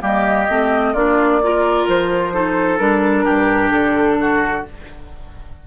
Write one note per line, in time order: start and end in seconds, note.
0.00 0.48 G3
0.00 0.46 A#3
0.00 0.93 G4
0.00 0.94 D#5
0.48 0.94 A3
0.48 0.95 C4
0.93 1.86 A#3
0.93 1.41 D4
0.93 1.39 F4
0.93 1.86 D5
1.42 2.32 F4
1.42 2.33 A#4
1.87 2.79 F3
1.87 2.77 C5
2.32 2.78 D#4
2.32 3.24 A4
2.77 3.25 G3
2.77 4.63 D4
2.77 3.69 A#4
3.24 3.71 G2
3.24 4.16 G4
3.71 4.64 D3
3.71 4.63 A4
4.20 4.67 F#4